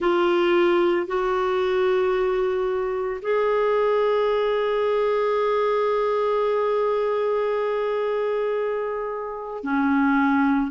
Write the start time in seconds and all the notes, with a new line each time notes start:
0.00 F4
1.06 F#4
3.21 G#4
9.63 C#4